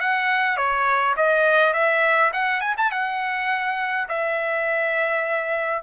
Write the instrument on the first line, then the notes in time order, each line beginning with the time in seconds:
trumpet
0.00 F#5
0.56 C#5
1.16 D#5
1.73 E5
2.33 F#5
2.60 G#5
2.77 A5
2.91 F#5
4.08 E5